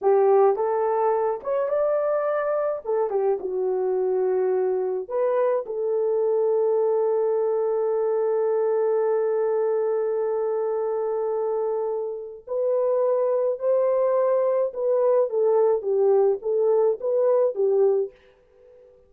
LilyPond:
\new Staff \with { instrumentName = "horn" } { \time 4/4 \tempo 4 = 106 g'4 a'4. cis''8 d''4~ | d''4 a'8 g'8 fis'2~ | fis'4 b'4 a'2~ | a'1~ |
a'1~ | a'2 b'2 | c''2 b'4 a'4 | g'4 a'4 b'4 g'4 | }